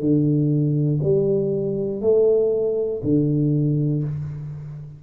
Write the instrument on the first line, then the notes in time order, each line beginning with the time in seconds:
tuba
0.00 D3
1.03 G3
2.01 A3
3.03 D3